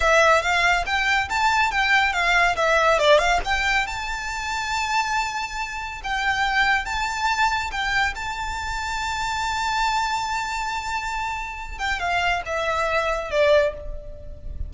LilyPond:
\new Staff \with { instrumentName = "violin" } { \time 4/4 \tempo 4 = 140 e''4 f''4 g''4 a''4 | g''4 f''4 e''4 d''8 f''8 | g''4 a''2.~ | a''2 g''2 |
a''2 g''4 a''4~ | a''1~ | a''2.~ a''8 g''8 | f''4 e''2 d''4 | }